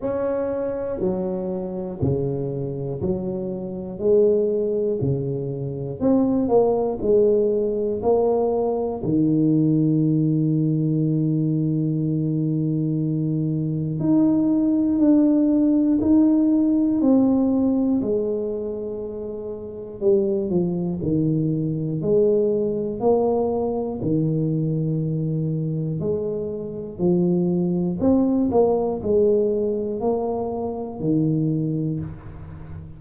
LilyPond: \new Staff \with { instrumentName = "tuba" } { \time 4/4 \tempo 4 = 60 cis'4 fis4 cis4 fis4 | gis4 cis4 c'8 ais8 gis4 | ais4 dis2.~ | dis2 dis'4 d'4 |
dis'4 c'4 gis2 | g8 f8 dis4 gis4 ais4 | dis2 gis4 f4 | c'8 ais8 gis4 ais4 dis4 | }